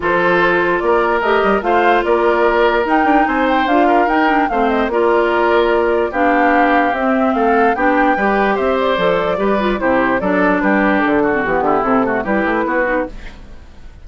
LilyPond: <<
  \new Staff \with { instrumentName = "flute" } { \time 4/4 \tempo 4 = 147 c''2 d''4 dis''4 | f''4 d''2 g''4 | gis''8 g''8 f''4 g''4 f''8 dis''8 | d''2. f''4~ |
f''4 e''4 f''4 g''4~ | g''4 e''8 d''2~ d''8 | c''4 d''4 b'4 a'4 | g'4 a'4 b'2 | }
  \new Staff \with { instrumentName = "oboe" } { \time 4/4 a'2 ais'2 | c''4 ais'2. | c''4. ais'4. c''4 | ais'2. g'4~ |
g'2 a'4 g'4 | b'4 c''2 b'4 | g'4 a'4 g'4. fis'8~ | fis'8 e'4 fis'8 g'4 fis'4 | }
  \new Staff \with { instrumentName = "clarinet" } { \time 4/4 f'2. g'4 | f'2. dis'4~ | dis'4 f'4 dis'8 d'8 c'4 | f'2. d'4~ |
d'4 c'2 d'4 | g'2 a'4 g'8 f'8 | e'4 d'2~ d'8. c'16 | b4 c'8 a8 e'4. dis'8 | }
  \new Staff \with { instrumentName = "bassoon" } { \time 4/4 f2 ais4 a8 g8 | a4 ais2 dis'8 d'8 | c'4 d'4 dis'4 a4 | ais2. b4~ |
b4 c'4 a4 b4 | g4 c'4 f4 g4 | c4 fis4 g4 d4 | e8 d8 c4 g8 a8 b4 | }
>>